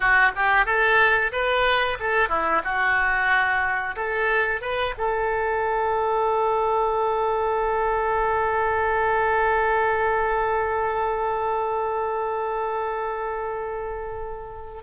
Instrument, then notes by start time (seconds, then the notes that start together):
oboe
0.00 F#4
0.35 G4
0.65 A4
1.32 B4
1.99 A4
2.28 E4
2.63 F#4
3.96 A4
4.61 B4
4.98 A4